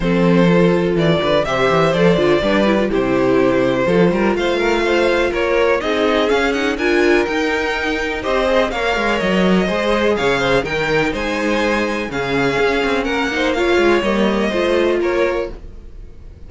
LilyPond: <<
  \new Staff \with { instrumentName = "violin" } { \time 4/4 \tempo 4 = 124 c''2 d''4 e''4 | d''2 c''2~ | c''4 f''2 cis''4 | dis''4 f''8 fis''8 gis''4 g''4~ |
g''4 dis''4 f''4 dis''4~ | dis''4 f''4 g''4 gis''4~ | gis''4 f''2 fis''4 | f''4 dis''2 cis''4 | }
  \new Staff \with { instrumentName = "violin" } { \time 4/4 a'2~ a'8 b'8 c''4~ | c''4 b'4 g'2 | a'8 ais'8 c''8 ais'8 c''4 ais'4 | gis'2 ais'2~ |
ais'4 c''4 cis''2 | c''4 cis''8 c''8 ais'4 c''4~ | c''4 gis'2 ais'8 c''8 | cis''2 c''4 ais'4 | }
  \new Staff \with { instrumentName = "viola" } { \time 4/4 c'4 f'2 g'4 | a'8 f'8 d'8 e'16 f'16 e'2 | f'1 | dis'4 cis'8 dis'8 f'4 dis'4~ |
dis'4 g'8 gis'8 ais'2 | gis'2 dis'2~ | dis'4 cis'2~ cis'8 dis'8 | f'4 ais4 f'2 | }
  \new Staff \with { instrumentName = "cello" } { \time 4/4 f2 e8 d8 c8 e8 | f8 d8 g4 c2 | f8 g8 a2 ais4 | c'4 cis'4 d'4 dis'4~ |
dis'4 c'4 ais8 gis8 fis4 | gis4 cis4 dis4 gis4~ | gis4 cis4 cis'8 c'8 ais4~ | ais8 gis8 g4 a4 ais4 | }
>>